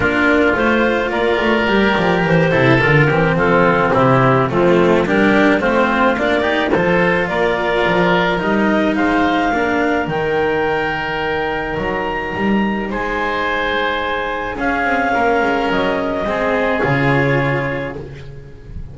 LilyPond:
<<
  \new Staff \with { instrumentName = "clarinet" } { \time 4/4 \tempo 4 = 107 ais'4 c''4 d''2 | c''4 ais'4 a'4 g'4 | f'4 ais'4 c''4 d''4 | c''4 d''2 dis''4 |
f''2 g''2~ | g''4 ais''2 gis''4~ | gis''2 f''2 | dis''2 cis''2 | }
  \new Staff \with { instrumentName = "oboe" } { \time 4/4 f'2 ais'2~ | ais'8 a'4 g'8 f'4 e'4 | c'4 g'4 f'4. g'8 | a'4 ais'2. |
c''4 ais'2.~ | ais'2. c''4~ | c''2 gis'4 ais'4~ | ais'4 gis'2. | }
  \new Staff \with { instrumentName = "cello" } { \time 4/4 d'4 f'2 g'4~ | g'8 e'8 f'8 c'2~ c'8 | a4 d'4 c'4 d'8 dis'8 | f'2. dis'4~ |
dis'4 d'4 dis'2~ | dis'1~ | dis'2 cis'2~ | cis'4 c'4 f'2 | }
  \new Staff \with { instrumentName = "double bass" } { \time 4/4 ais4 a4 ais8 a8 g8 f8 | e8 c8 d8 e8 f4 c4 | f4 g4 a4 ais4 | f4 ais4 f4 g4 |
gis4 ais4 dis2~ | dis4 fis4 g4 gis4~ | gis2 cis'8 c'8 ais8 gis8 | fis4 gis4 cis2 | }
>>